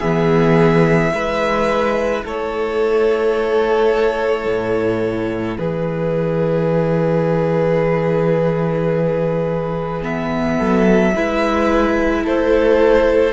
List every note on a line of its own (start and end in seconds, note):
0.00 1.12 E3
0.00 1.11 B3
0.00 1.11 G#4
0.00 2.22 E5
1.11 2.23 G#3
1.11 10.00 E4
1.11 2.24 B4
2.24 4.46 A3
2.24 5.57 A4
2.24 5.56 C#5
4.46 5.57 A2
5.56 10.58 E3
5.56 10.57 G#4
5.56 10.01 B4
10.02 11.13 B3
10.02 12.26 E5
10.57 11.15 F#3
10.57 11.12 A4
11.15 12.25 G#3
11.15 13.32 E4
11.15 12.23 B4
12.23 13.32 A3
12.23 13.32 A4
12.23 13.32 C5